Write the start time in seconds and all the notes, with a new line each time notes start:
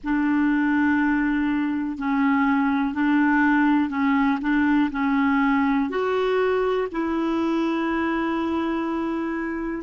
0.03 D4
1.98 C#4
2.94 D4
3.89 C#4
4.41 D4
4.91 C#4
5.89 F#4
6.91 E4